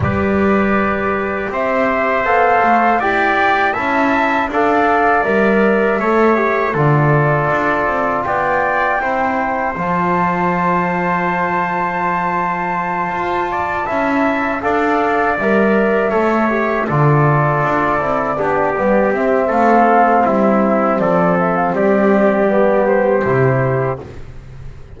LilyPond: <<
  \new Staff \with { instrumentName = "flute" } { \time 4/4 \tempo 4 = 80 d''2 e''4 f''4 | g''4 a''4 f''4 e''4~ | e''4 d''2 g''4~ | g''4 a''2.~ |
a''2.~ a''8 f''8~ | f''8 e''2 d''4.~ | d''4. e''8 f''4 e''4 | d''8 e''16 f''16 d''4. c''4. | }
  \new Staff \with { instrumentName = "trumpet" } { \time 4/4 b'2 c''2 | d''4 e''4 d''2 | cis''4 a'2 d''4 | c''1~ |
c''2 d''8 e''4 d''8~ | d''4. cis''4 a'4.~ | a'8 g'4. a'4 e'4 | a'4 g'2. | }
  \new Staff \with { instrumentName = "trombone" } { \time 4/4 g'2. a'4 | g'4 e'4 a'4 ais'4 | a'8 g'8 f'2. | e'4 f'2.~ |
f'2~ f'8 e'4 a'8~ | a'8 ais'4 a'8 g'8 f'4. | e'8 d'8 b8 c'2~ c'8~ | c'2 b4 e'4 | }
  \new Staff \with { instrumentName = "double bass" } { \time 4/4 g2 c'4 b8 a8 | e'4 cis'4 d'4 g4 | a4 d4 d'8 c'8 b4 | c'4 f2.~ |
f4. f'4 cis'4 d'8~ | d'8 g4 a4 d4 d'8 | c'8 b8 g8 c'8 a4 g4 | f4 g2 c4 | }
>>